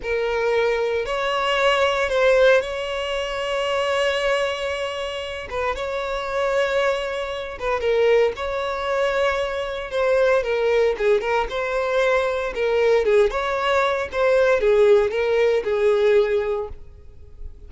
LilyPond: \new Staff \with { instrumentName = "violin" } { \time 4/4 \tempo 4 = 115 ais'2 cis''2 | c''4 cis''2.~ | cis''2~ cis''8 b'8 cis''4~ | cis''2~ cis''8 b'8 ais'4 |
cis''2. c''4 | ais'4 gis'8 ais'8 c''2 | ais'4 gis'8 cis''4. c''4 | gis'4 ais'4 gis'2 | }